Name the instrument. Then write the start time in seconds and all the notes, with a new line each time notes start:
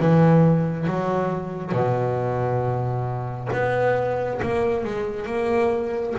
double bass
0.00 E3
0.87 F#3
1.72 B2
3.53 B3
4.42 A#3
4.84 G#3
5.26 A#3